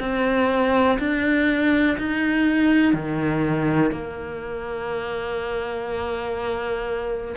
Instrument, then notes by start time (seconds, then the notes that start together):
cello
0.00 C4
0.99 D4
1.98 D#4
2.93 D#3
3.91 A#3